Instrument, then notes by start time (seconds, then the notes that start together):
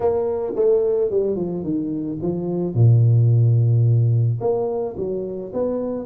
tuba
0.00 A#3
0.55 A3
1.10 G3
1.36 F3
1.63 D#3
2.21 F3
2.74 A#2
4.40 A#3
4.96 F#3
5.53 B3